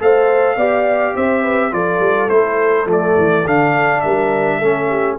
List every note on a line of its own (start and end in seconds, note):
0.00 0.57 A3
0.00 0.58 A4
0.00 0.57 C5
0.00 1.17 F5
0.57 1.15 B3
0.57 1.72 G4
0.57 1.14 D5
1.16 1.73 C4
1.16 1.43 C5
1.16 1.74 E5
1.43 1.72 B4
1.72 2.00 F3
1.72 2.29 F4
1.72 4.04 A4
1.72 2.30 D5
2.00 2.29 G3
2.29 2.86 A3
2.29 2.87 E4
2.29 2.87 C5
2.86 3.15 F3
2.86 3.44 A3
2.93 3.48 D5
3.18 3.46 E3
3.46 4.04 D3
3.46 4.62 D4
3.46 4.01 F5
4.01 4.62 G3
4.01 4.59 A#4
4.01 5.16 E5
4.59 5.19 A3
4.59 5.19 C#4
4.59 4.88 A4
4.90 5.19 G4